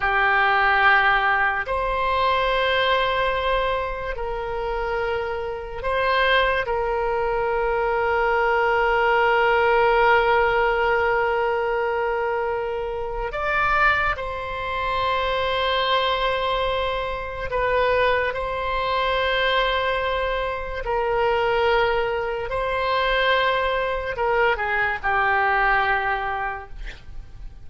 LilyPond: \new Staff \with { instrumentName = "oboe" } { \time 4/4 \tempo 4 = 72 g'2 c''2~ | c''4 ais'2 c''4 | ais'1~ | ais'1 |
d''4 c''2.~ | c''4 b'4 c''2~ | c''4 ais'2 c''4~ | c''4 ais'8 gis'8 g'2 | }